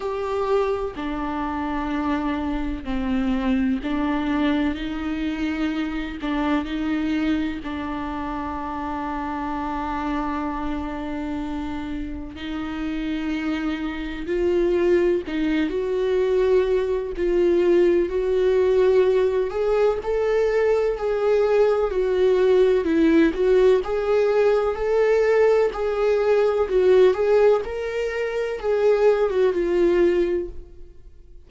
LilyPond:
\new Staff \with { instrumentName = "viola" } { \time 4/4 \tempo 4 = 63 g'4 d'2 c'4 | d'4 dis'4. d'8 dis'4 | d'1~ | d'4 dis'2 f'4 |
dis'8 fis'4. f'4 fis'4~ | fis'8 gis'8 a'4 gis'4 fis'4 | e'8 fis'8 gis'4 a'4 gis'4 | fis'8 gis'8 ais'4 gis'8. fis'16 f'4 | }